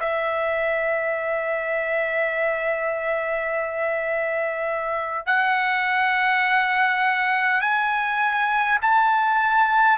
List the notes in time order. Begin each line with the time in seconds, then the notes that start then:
0.00 E5
5.26 F#5
7.61 G#5
8.82 A5